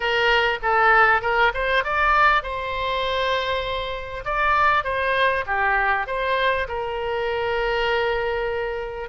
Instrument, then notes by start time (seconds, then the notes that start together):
oboe
0.00 A#4
0.62 A4
1.21 A#4
1.54 C5
1.83 D5
2.42 C5
4.24 D5
4.84 C5
5.46 G4
6.06 C5
6.67 A#4